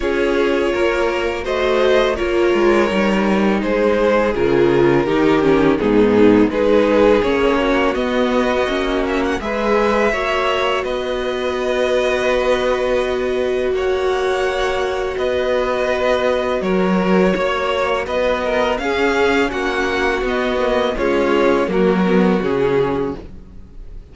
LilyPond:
<<
  \new Staff \with { instrumentName = "violin" } { \time 4/4 \tempo 4 = 83 cis''2 dis''4 cis''4~ | cis''4 c''4 ais'2 | gis'4 b'4 cis''4 dis''4~ | dis''8 e''16 fis''16 e''2 dis''4~ |
dis''2. fis''4~ | fis''4 dis''2 cis''4~ | cis''4 dis''4 f''4 fis''4 | dis''4 cis''4 ais'4 gis'4 | }
  \new Staff \with { instrumentName = "violin" } { \time 4/4 gis'4 ais'4 c''4 ais'4~ | ais'4 gis'2 g'4 | dis'4 gis'4. fis'4.~ | fis'4 b'4 cis''4 b'4~ |
b'2. cis''4~ | cis''4 b'2 ais'4 | cis''4 b'8 ais'8 gis'4 fis'4~ | fis'4 f'4 fis'2 | }
  \new Staff \with { instrumentName = "viola" } { \time 4/4 f'2 fis'4 f'4 | dis'2 f'4 dis'8 cis'8 | b4 dis'4 cis'4 b4 | cis'4 gis'4 fis'2~ |
fis'1~ | fis'1~ | fis'2 cis'2 | b8 ais8 gis4 ais8 b8 cis'4 | }
  \new Staff \with { instrumentName = "cello" } { \time 4/4 cis'4 ais4 a4 ais8 gis8 | g4 gis4 cis4 dis4 | gis,4 gis4 ais4 b4 | ais4 gis4 ais4 b4~ |
b2. ais4~ | ais4 b2 fis4 | ais4 b4 cis'4 ais4 | b4 cis'4 fis4 cis4 | }
>>